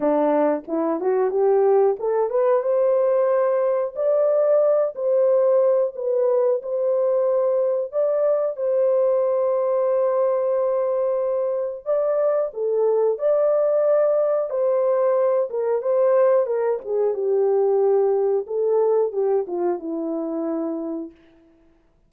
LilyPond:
\new Staff \with { instrumentName = "horn" } { \time 4/4 \tempo 4 = 91 d'4 e'8 fis'8 g'4 a'8 b'8 | c''2 d''4. c''8~ | c''4 b'4 c''2 | d''4 c''2.~ |
c''2 d''4 a'4 | d''2 c''4. ais'8 | c''4 ais'8 gis'8 g'2 | a'4 g'8 f'8 e'2 | }